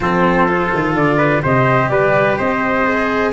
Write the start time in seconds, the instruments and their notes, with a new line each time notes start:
0.00 tuba F3, cello C4, trumpet A4, flute C5
0.48 cello F4
0.74 tuba D#3
0.95 tuba D3, flute D5
1.17 trumpet B4
1.42 tuba C3, cello G4, trumpet C5, flute D#5
1.88 tuba G3, trumpet B4, flute D5
2.37 tuba C4, trumpet C5, flute D#5
2.85 cello G#4